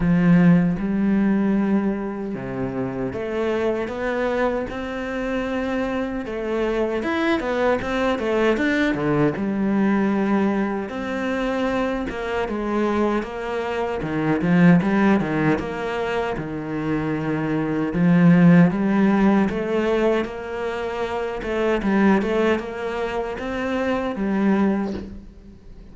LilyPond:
\new Staff \with { instrumentName = "cello" } { \time 4/4 \tempo 4 = 77 f4 g2 c4 | a4 b4 c'2 | a4 e'8 b8 c'8 a8 d'8 d8 | g2 c'4. ais8 |
gis4 ais4 dis8 f8 g8 dis8 | ais4 dis2 f4 | g4 a4 ais4. a8 | g8 a8 ais4 c'4 g4 | }